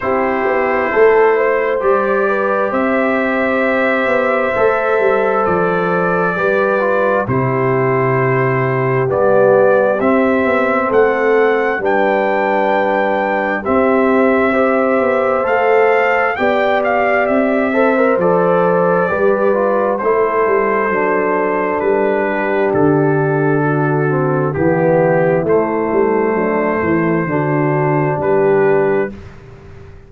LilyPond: <<
  \new Staff \with { instrumentName = "trumpet" } { \time 4/4 \tempo 4 = 66 c''2 d''4 e''4~ | e''2 d''2 | c''2 d''4 e''4 | fis''4 g''2 e''4~ |
e''4 f''4 g''8 f''8 e''4 | d''2 c''2 | b'4 a'2 g'4 | c''2. b'4 | }
  \new Staff \with { instrumentName = "horn" } { \time 4/4 g'4 a'8 c''4 b'8 c''4~ | c''2. b'4 | g'1 | a'4 b'2 g'4 |
c''2 d''4. c''8~ | c''4 b'4 a'2~ | a'8 g'4. fis'4 e'4~ | e'4 d'8 e'8 fis'4 g'4 | }
  \new Staff \with { instrumentName = "trombone" } { \time 4/4 e'2 g'2~ | g'4 a'2 g'8 f'8 | e'2 b4 c'4~ | c'4 d'2 c'4 |
g'4 a'4 g'4. a'16 ais'16 | a'4 g'8 f'8 e'4 d'4~ | d'2~ d'8 c'8 b4 | a2 d'2 | }
  \new Staff \with { instrumentName = "tuba" } { \time 4/4 c'8 b8 a4 g4 c'4~ | c'8 b8 a8 g8 f4 g4 | c2 g4 c'8 b8 | a4 g2 c'4~ |
c'8 b8 a4 b4 c'4 | f4 g4 a8 g8 fis4 | g4 d2 e4 | a8 g8 fis8 e8 d4 g4 | }
>>